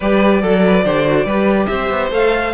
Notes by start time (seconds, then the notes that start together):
0.00 G3 G4 B4 D5
0.41 F#3 A4
0.66 B4
0.84 D3 G4 C5
1.05 F#4
1.24 G3 G4 B4
1.66 C4 C5 E5
1.89 B3
2.10 A3 A4 F5